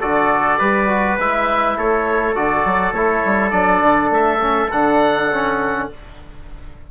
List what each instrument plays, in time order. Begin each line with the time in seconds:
0.00 bassoon D3, trombone F#4, trumpet A4, oboe D5
0.58 bassoon G3, trombone G4, trumpet B4
0.88 trombone F#4
1.18 bassoon G#3, trombone E4, oboe E5
1.77 bassoon A3, trumpet A4, oboe C#5
2.34 bassoon D3, trombone F#4, oboe D5
2.64 bassoon F#3
2.92 bassoon A3, trombone E4, oboe C#5
3.25 bassoon G3
3.50 bassoon F#3, trombone D4, oboe D5
3.81 bassoon D3
4.10 bassoon A3, oboe E5
4.39 trombone C#4
4.71 bassoon D3, trombone D4, oboe F#5
5.32 trombone C#4